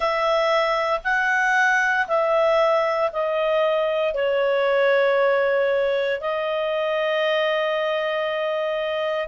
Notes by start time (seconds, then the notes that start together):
0.00 E5
1.03 F#5
2.07 E5
3.12 D#5
4.14 C#5
6.21 D#5